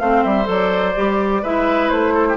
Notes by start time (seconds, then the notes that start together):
0.00 A3 C4 C5 F5
0.24 G3 E5
0.44 F#3 A4 D5
0.95 G3 G4
1.42 G#3 E4 B4 E5
1.89 A3 C5
2.14 A4
2.29 G4